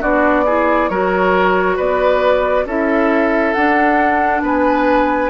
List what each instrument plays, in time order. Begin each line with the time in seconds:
0.00 bassoon B3, clarinet D4, oboe F#4, flute D5
0.45 clarinet E4, oboe G#4
0.88 bassoon F#3, clarinet F#4, oboe A#4, flute C#5
1.76 bassoon B3, oboe B4, flute D5
2.65 bassoon C#4, clarinet E4, oboe A4, flute E5
3.53 clarinet D4, bassoon D4, flute F#5
4.42 bassoon B3, oboe B4, flute G#5